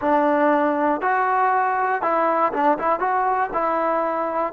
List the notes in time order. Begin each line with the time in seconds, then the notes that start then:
0.01 D4
1.01 F#4
2.02 E4
2.53 D4
2.78 E4
2.99 F#4
3.53 E4